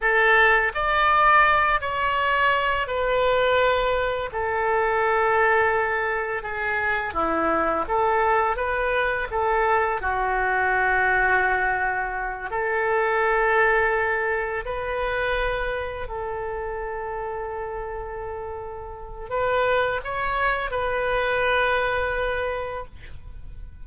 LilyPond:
\new Staff \with { instrumentName = "oboe" } { \time 4/4 \tempo 4 = 84 a'4 d''4. cis''4. | b'2 a'2~ | a'4 gis'4 e'4 a'4 | b'4 a'4 fis'2~ |
fis'4. a'2~ a'8~ | a'8 b'2 a'4.~ | a'2. b'4 | cis''4 b'2. | }